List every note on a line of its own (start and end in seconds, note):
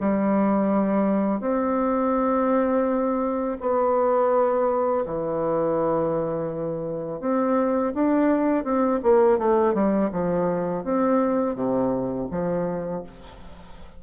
0.00 1.40 G3
1.40 3.57 C4
3.60 5.05 B3
5.05 7.21 E3
7.21 7.93 C4
7.94 8.64 D4
8.64 9.00 C4
9.03 9.38 A#3
9.38 9.74 A3
9.74 10.10 G3
10.12 10.84 F3
10.84 11.55 C4
11.55 12.27 C3
12.31 13.03 F3